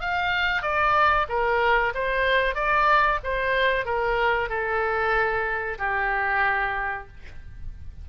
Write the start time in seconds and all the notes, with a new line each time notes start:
0.00 F5
0.62 D5
1.28 A#4
1.94 C5
2.55 D5
3.23 C5
3.85 A#4
4.49 A4
5.78 G4